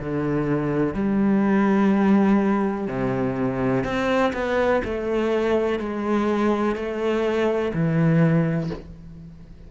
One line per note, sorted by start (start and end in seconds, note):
0.00 0.95 D3
0.95 2.88 G3
2.88 3.84 C3
3.84 4.33 C4
4.34 4.82 B3
4.85 5.79 A3
5.79 6.76 G#3
6.76 7.73 A3
7.74 8.71 E3